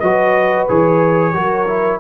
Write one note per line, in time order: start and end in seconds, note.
0.00 0.68 F#3
0.00 0.69 F#4
0.00 1.34 B4
0.00 0.66 D#5
0.69 1.34 E3
0.69 1.34 G#4
0.69 2.00 C#5
1.34 2.00 F#3
1.34 1.66 F#4
1.34 2.00 A#4
1.67 2.00 E4